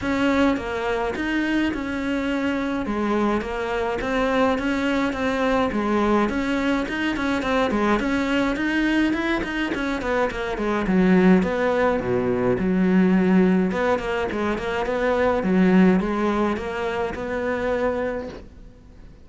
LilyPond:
\new Staff \with { instrumentName = "cello" } { \time 4/4 \tempo 4 = 105 cis'4 ais4 dis'4 cis'4~ | cis'4 gis4 ais4 c'4 | cis'4 c'4 gis4 cis'4 | dis'8 cis'8 c'8 gis8 cis'4 dis'4 |
e'8 dis'8 cis'8 b8 ais8 gis8 fis4 | b4 b,4 fis2 | b8 ais8 gis8 ais8 b4 fis4 | gis4 ais4 b2 | }